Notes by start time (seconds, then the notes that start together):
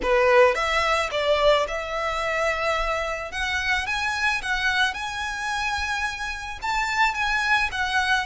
0.02 B4
0.54 E5
1.11 D5
1.67 E5
3.31 F#5
3.86 G#5
4.42 F#5
4.94 G#5
6.62 A5
7.14 G#5
7.71 F#5